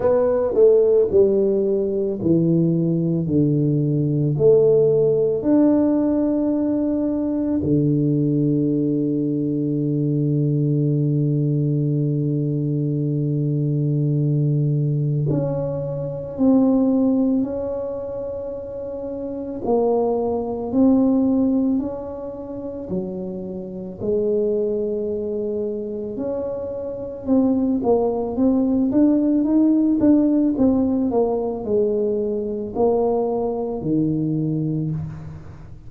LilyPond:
\new Staff \with { instrumentName = "tuba" } { \time 4/4 \tempo 4 = 55 b8 a8 g4 e4 d4 | a4 d'2 d4~ | d1~ | d2 cis'4 c'4 |
cis'2 ais4 c'4 | cis'4 fis4 gis2 | cis'4 c'8 ais8 c'8 d'8 dis'8 d'8 | c'8 ais8 gis4 ais4 dis4 | }